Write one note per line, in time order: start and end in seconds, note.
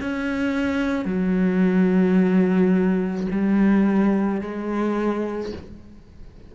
0.00 1.05 C#4
1.05 3.27 F#3
3.31 4.41 G3
4.41 5.52 G#3